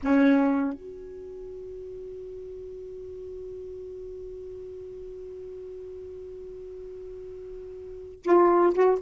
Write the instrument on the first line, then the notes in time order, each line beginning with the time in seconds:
saxophone
0.02 C#4
0.73 F#4
8.23 F4
8.73 F#4